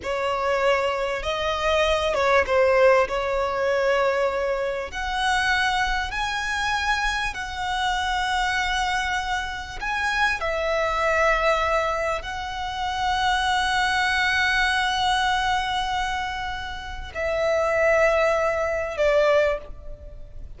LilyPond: \new Staff \with { instrumentName = "violin" } { \time 4/4 \tempo 4 = 98 cis''2 dis''4. cis''8 | c''4 cis''2. | fis''2 gis''2 | fis''1 |
gis''4 e''2. | fis''1~ | fis''1 | e''2. d''4 | }